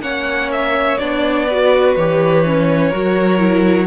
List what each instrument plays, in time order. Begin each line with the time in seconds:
0.00 cello A#3, viola C#4, violin C#5 F#5
0.52 violin E5
0.98 cello B3, viola D4, violin D5
1.46 viola F#4, violin B4
1.96 cello E3, viola G4, violin C#5
2.45 viola C#4
2.90 cello F#3, viola F#4, violin A#4
3.39 viola E4